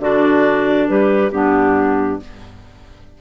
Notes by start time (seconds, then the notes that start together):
0.00 D3 D4 F#4 D5
0.87 G3 G4 B4
1.31 G2 B3 D4 G4